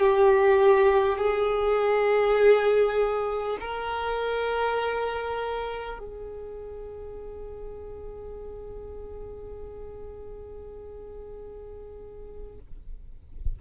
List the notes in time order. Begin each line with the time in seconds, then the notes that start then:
0.00 G4
1.18 G#4
3.61 A#4
5.99 G#4